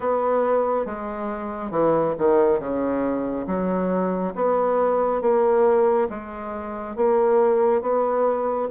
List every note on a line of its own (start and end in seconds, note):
0.00 0.85 B3
0.85 1.70 G#3
1.70 2.14 E3
2.18 2.59 D#3
2.59 3.46 C#3
3.46 4.33 F#3
4.35 5.21 B3
5.21 6.08 A#3
6.09 6.96 G#3
6.96 7.81 A#3
7.81 8.68 B3